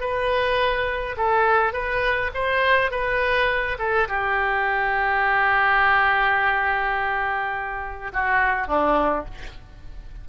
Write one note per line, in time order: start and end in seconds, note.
0.00 1.15 B4
1.16 1.73 A4
1.73 2.30 B4
2.34 2.91 C5
2.91 3.77 B4
3.78 4.07 A4
4.08 8.12 G4
8.13 8.67 F#4
8.67 9.25 D4